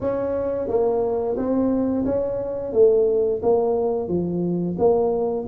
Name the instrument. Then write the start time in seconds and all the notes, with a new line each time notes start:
tuba
0.01 C#4
0.68 A#3
1.36 C4
2.05 C#4
2.72 A3
3.42 A#3
4.08 F3
4.78 A#3